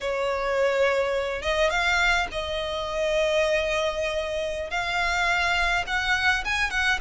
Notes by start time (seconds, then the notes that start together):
0.00 C#5
1.42 D#5
1.70 F5
2.31 D#5
4.70 F5
5.86 F#5
6.44 G#5
6.70 F#5